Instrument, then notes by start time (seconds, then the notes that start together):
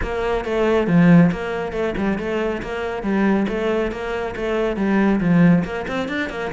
cello
0.02 A#3
0.44 A3
0.87 F3
1.31 A#3
1.72 A3
1.97 G3
2.18 A3
2.62 A#3
3.02 G3
3.48 A3
3.91 A#3
4.35 A3
4.76 G3
5.20 F3
5.64 A#3
5.87 C4
6.08 D4
6.29 A#3